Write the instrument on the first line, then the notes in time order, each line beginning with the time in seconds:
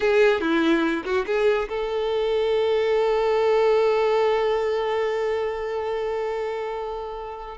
violin
0.00 G#4
0.40 E4
1.04 F#4
1.26 G#4
1.68 A4